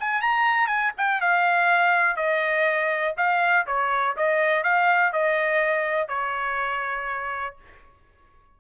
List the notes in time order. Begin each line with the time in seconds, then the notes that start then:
0.00 G#5
0.21 A#5
0.67 G#5
0.97 G5
1.21 F5
2.17 D#5
3.17 F5
3.67 C#5
4.17 D#5
4.64 F5
5.13 D#5
6.08 C#5